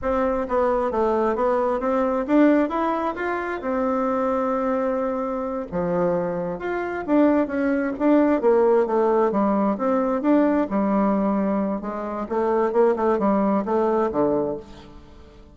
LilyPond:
\new Staff \with { instrumentName = "bassoon" } { \time 4/4 \tempo 4 = 132 c'4 b4 a4 b4 | c'4 d'4 e'4 f'4 | c'1~ | c'8 f2 f'4 d'8~ |
d'8 cis'4 d'4 ais4 a8~ | a8 g4 c'4 d'4 g8~ | g2 gis4 a4 | ais8 a8 g4 a4 d4 | }